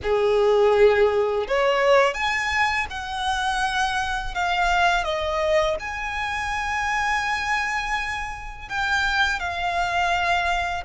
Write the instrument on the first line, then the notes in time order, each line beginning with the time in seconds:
violin
0.02 G#4
1.47 C#5
2.14 G#5
2.89 F#5
4.34 F5
5.04 D#5
5.79 G#5
8.68 G5
9.39 F5